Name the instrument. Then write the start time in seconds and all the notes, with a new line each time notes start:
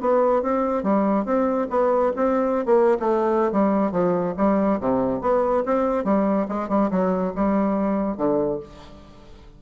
bassoon
0.00 B3
0.42 C4
0.83 G3
1.25 C4
1.69 B3
2.16 C4
2.65 A#3
2.99 A3
3.51 G3
3.91 F3
4.37 G3
4.80 C3
5.21 B3
5.65 C4
6.04 G3
6.48 G#3
6.68 G3
6.90 F#3
7.35 G3
8.17 D3